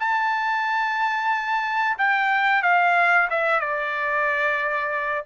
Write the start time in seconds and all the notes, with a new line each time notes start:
0.00 A5
1.98 G5
2.63 F5
3.31 E5
3.61 D5